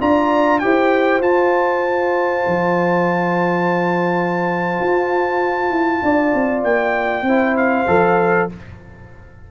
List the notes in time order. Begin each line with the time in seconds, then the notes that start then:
0.00 D4 F4 D5 A#5
0.59 E4 G4 C5 G5
1.20 F4 A5
2.47 F3
4.80 F4
5.70 E4
6.02 D4 D5
6.34 C4
6.64 A#3 G5
7.22 C4 E4 C5
7.57 F5
7.87 F3 A4